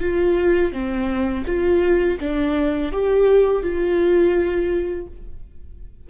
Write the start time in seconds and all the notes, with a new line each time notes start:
0.00 F4
0.72 C4
1.46 F4
2.19 D4
2.92 G4
3.62 F4